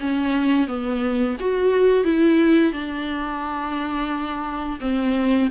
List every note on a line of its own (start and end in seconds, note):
0.00 0.68 C#4
0.68 1.37 B3
1.40 2.04 F#4
2.04 2.73 E4
2.73 4.80 D4
4.80 5.49 C4